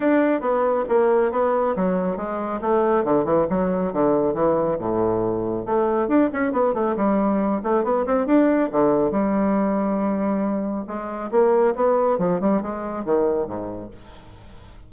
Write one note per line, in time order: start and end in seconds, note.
0.00 0.41 D4
0.41 0.84 B3
0.89 1.31 A#3
1.31 1.75 B3
1.75 2.16 F#3
2.16 2.60 G#3
2.61 3.04 A3
3.04 3.24 D3
3.24 3.46 E3
3.49 3.92 F#3
3.92 4.34 D3
4.34 4.77 E3
4.78 5.65 A2
5.65 6.08 A3
6.08 6.29 D4
6.32 6.52 C#4
6.52 6.74 B3
6.74 6.95 A3
6.96 7.61 G3
7.63 7.84 A3
7.84 8.05 B3
8.06 8.26 C4
8.26 8.69 D4
8.71 9.11 D3
9.11 10.85 G3
10.87 11.30 G#3
11.31 11.75 A#3
11.75 12.18 B3
12.18 12.40 F3
12.40 12.61 G3
12.61 13.04 G#3
13.04 13.47 D#3
13.47 13.90 G#2